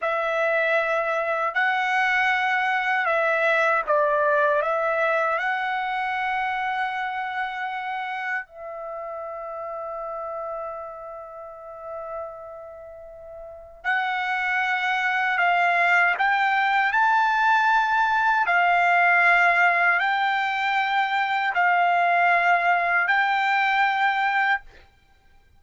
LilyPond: \new Staff \with { instrumentName = "trumpet" } { \time 4/4 \tempo 4 = 78 e''2 fis''2 | e''4 d''4 e''4 fis''4~ | fis''2. e''4~ | e''1~ |
e''2 fis''2 | f''4 g''4 a''2 | f''2 g''2 | f''2 g''2 | }